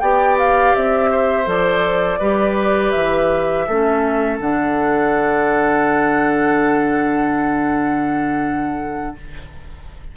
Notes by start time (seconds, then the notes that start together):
0.00 B3 G4 D5 G5
0.38 F5
0.75 C4 E5
1.10 C5
1.45 F3 A4 D5
2.19 G3 G4 B4
2.91 E3 E5
3.67 A3 C#4 A4
4.39 D3 D4 F#5